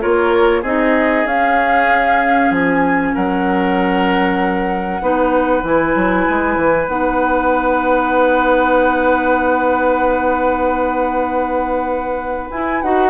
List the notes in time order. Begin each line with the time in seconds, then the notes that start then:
0.00 A#3 F4 A#4 C#5
0.61 C4 D#4 G#4 D#5
1.25 C#4 F5
2.50 F3 G#5
3.14 F#3 A#4 F#5
5.01 B3 D#4 B4
5.63 E3 E4 G#5
5.95 F#3
6.29 G#3
6.56 E3
6.87 B3 D#4 F#5
12.50 E4 G#5
12.82 D#4 F#4 F#5